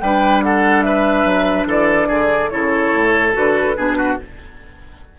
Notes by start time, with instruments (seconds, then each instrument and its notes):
0.00 bassoon G3, clarinet D4, oboe B4, flute G5
0.43 oboe A4, flute F#5
0.82 oboe B4, flute E5
1.25 bassoon F#3
1.66 bassoon E3, oboe A4, flute D5
2.08 bassoon D3, oboe G#4
2.50 bassoon C#3, clarinet E4, oboe A4, flute C#5
2.93 bassoon A2
3.32 bassoon D3, clarinet F#4, flute B4
3.76 bassoon B2, clarinet D4, oboe G#4
3.97 oboe F#4